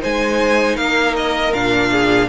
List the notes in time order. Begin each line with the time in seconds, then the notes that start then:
0.00 G#3 D#4 C5 G#5
0.76 A#3 A#4 F5
1.17 D#5
1.53 A#2 D4 F5
1.92 G#4